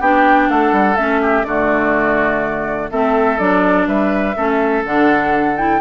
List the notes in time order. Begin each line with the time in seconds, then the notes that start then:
0.00 B3 D4 G4 G5
0.50 A3 A4 F#5
0.72 G3
0.96 A3 C#4 E5
1.22 G4
1.44 D3 A3 F#4 D5
2.91 A3 C4 A4 E5
3.38 F#3 D4 D5
3.87 G3 B4 E5
4.36 A3 C#4 A4
4.84 D3 D4 F#5
5.56 E4 G5